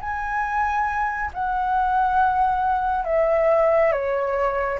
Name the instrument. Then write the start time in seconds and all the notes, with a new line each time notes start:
flute
0.00 G#5
1.34 F#5
3.05 E5
3.92 C#5